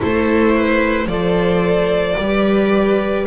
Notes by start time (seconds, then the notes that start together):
0.00 A3 E4 A4 C5
0.54 B4
1.05 F3 A4 C5 D5
2.17 G3 G4 B4